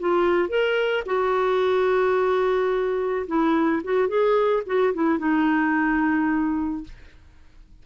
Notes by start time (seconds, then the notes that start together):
0.00 F4
0.49 A#4
1.06 F#4
3.28 E4
3.84 F#4
4.09 G#4
4.67 F#4
4.94 E4
5.19 D#4